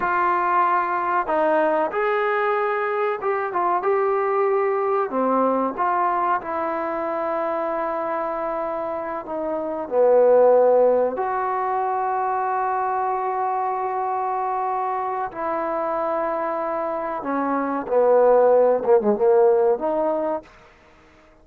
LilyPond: \new Staff \with { instrumentName = "trombone" } { \time 4/4 \tempo 4 = 94 f'2 dis'4 gis'4~ | gis'4 g'8 f'8 g'2 | c'4 f'4 e'2~ | e'2~ e'8 dis'4 b8~ |
b4. fis'2~ fis'8~ | fis'1 | e'2. cis'4 | b4. ais16 gis16 ais4 dis'4 | }